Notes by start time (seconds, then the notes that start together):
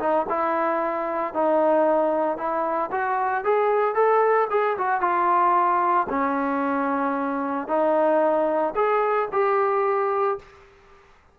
0.00 D#4
0.29 E4
1.34 D#4
2.38 E4
2.92 F#4
3.45 G#4
3.95 A4
4.51 G#4
4.78 F#4
5.01 F4
6.10 C#4
7.68 D#4
8.76 G#4
9.33 G4